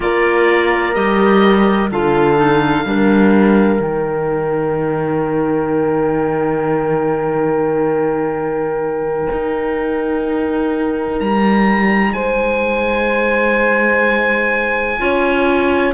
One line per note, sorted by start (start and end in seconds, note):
0.00 0.95 A#3
0.00 0.94 F4
0.00 1.92 A#4
0.00 0.94 D5
0.94 1.90 G3
0.94 1.89 G4
0.94 1.89 D#5
1.91 2.85 D3
1.91 2.36 F4
1.91 2.87 A4
1.91 3.81 F5
2.36 2.84 D#4
2.85 3.80 G3
2.85 3.80 D4
2.85 12.13 A#4
3.80 9.27 D#3
3.80 14.98 D#4
3.80 11.19 G5
9.32 11.20 D#4
11.19 12.14 G3
11.19 12.13 A#5
12.13 14.99 G#3
12.13 14.99 C5
12.13 15.94 G#5
14.98 15.94 C#4
14.98 15.93 F4
14.98 15.94 C#5